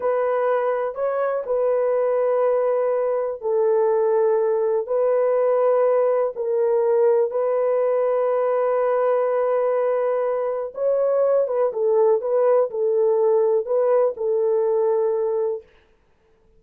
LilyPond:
\new Staff \with { instrumentName = "horn" } { \time 4/4 \tempo 4 = 123 b'2 cis''4 b'4~ | b'2. a'4~ | a'2 b'2~ | b'4 ais'2 b'4~ |
b'1~ | b'2 cis''4. b'8 | a'4 b'4 a'2 | b'4 a'2. | }